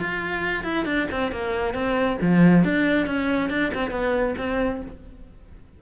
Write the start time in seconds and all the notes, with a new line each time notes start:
0.00 F4
0.64 E4
0.86 D4
1.11 C4
1.32 A#3
1.74 C4
2.22 F3
2.65 D4
3.07 C#4
3.50 D4
3.74 C4
3.92 B3
4.38 C4